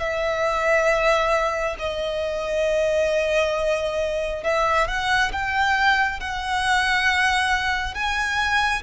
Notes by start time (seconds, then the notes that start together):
0.00 E5
1.79 D#5
4.44 E5
4.88 F#5
5.33 G5
6.20 F#5
7.95 G#5